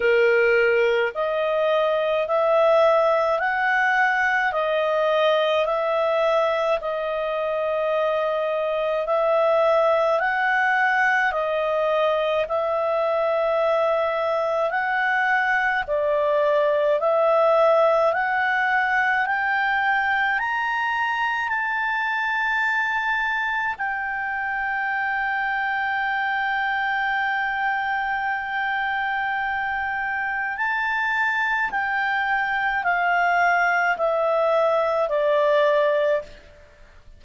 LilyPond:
\new Staff \with { instrumentName = "clarinet" } { \time 4/4 \tempo 4 = 53 ais'4 dis''4 e''4 fis''4 | dis''4 e''4 dis''2 | e''4 fis''4 dis''4 e''4~ | e''4 fis''4 d''4 e''4 |
fis''4 g''4 ais''4 a''4~ | a''4 g''2.~ | g''2. a''4 | g''4 f''4 e''4 d''4 | }